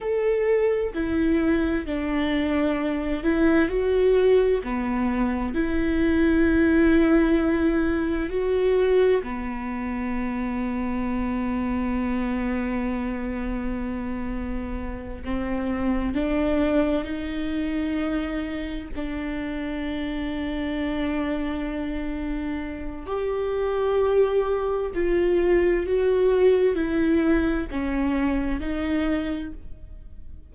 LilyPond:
\new Staff \with { instrumentName = "viola" } { \time 4/4 \tempo 4 = 65 a'4 e'4 d'4. e'8 | fis'4 b4 e'2~ | e'4 fis'4 b2~ | b1~ |
b8 c'4 d'4 dis'4.~ | dis'8 d'2.~ d'8~ | d'4 g'2 f'4 | fis'4 e'4 cis'4 dis'4 | }